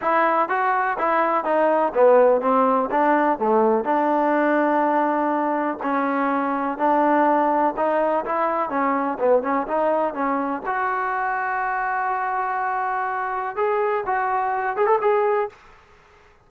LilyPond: \new Staff \with { instrumentName = "trombone" } { \time 4/4 \tempo 4 = 124 e'4 fis'4 e'4 dis'4 | b4 c'4 d'4 a4 | d'1 | cis'2 d'2 |
dis'4 e'4 cis'4 b8 cis'8 | dis'4 cis'4 fis'2~ | fis'1 | gis'4 fis'4. gis'16 a'16 gis'4 | }